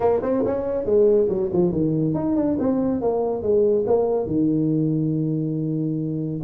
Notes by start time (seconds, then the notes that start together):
0.00 A#3
0.22 C4
0.45 C#4
0.85 G#3
1.29 F#3
1.52 F3
1.71 D#3
2.14 D#4
2.36 D4
2.59 C4
3.01 A#3
3.42 G#3
3.86 A#3
4.26 D#3